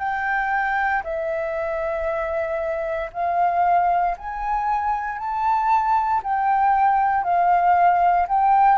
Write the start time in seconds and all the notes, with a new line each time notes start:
0.00 G5
1.04 E5
3.13 F5
4.18 G#5
5.19 A5
6.24 G5
7.24 F5
8.29 G5